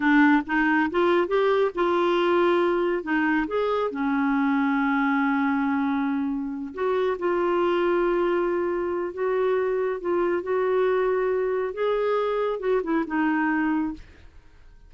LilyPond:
\new Staff \with { instrumentName = "clarinet" } { \time 4/4 \tempo 4 = 138 d'4 dis'4 f'4 g'4 | f'2. dis'4 | gis'4 cis'2.~ | cis'2.~ cis'8 fis'8~ |
fis'8 f'2.~ f'8~ | f'4 fis'2 f'4 | fis'2. gis'4~ | gis'4 fis'8 e'8 dis'2 | }